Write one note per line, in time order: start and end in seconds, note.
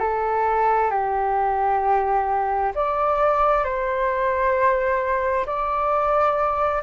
0.00 0.91 A4
0.91 2.73 G4
2.75 3.64 D5
3.64 5.46 C5
5.47 6.83 D5